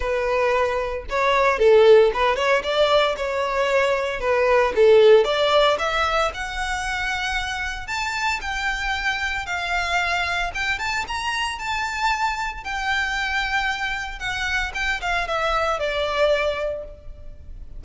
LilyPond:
\new Staff \with { instrumentName = "violin" } { \time 4/4 \tempo 4 = 114 b'2 cis''4 a'4 | b'8 cis''8 d''4 cis''2 | b'4 a'4 d''4 e''4 | fis''2. a''4 |
g''2 f''2 | g''8 a''8 ais''4 a''2 | g''2. fis''4 | g''8 f''8 e''4 d''2 | }